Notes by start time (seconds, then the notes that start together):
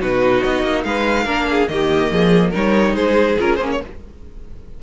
0.00 B2 D#4 F#4 B4
0.43 B3 D#5
0.63 A#3
0.84 G#3 B4 F5
1.24 A#3 D4 A#4
1.50 G#4
1.68 D#3 A#3 G4 D#5
2.11 F3 G#4
2.51 G3 D#4 A#4 C#5
2.95 G#3 G#4 C5
3.38 C#4 F4 A#4
3.56 A#3 C#4 C5
3.72 C#5